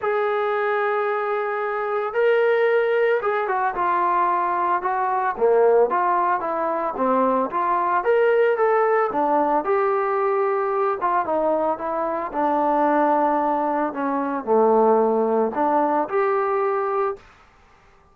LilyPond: \new Staff \with { instrumentName = "trombone" } { \time 4/4 \tempo 4 = 112 gis'1 | ais'2 gis'8 fis'8 f'4~ | f'4 fis'4 ais4 f'4 | e'4 c'4 f'4 ais'4 |
a'4 d'4 g'2~ | g'8 f'8 dis'4 e'4 d'4~ | d'2 cis'4 a4~ | a4 d'4 g'2 | }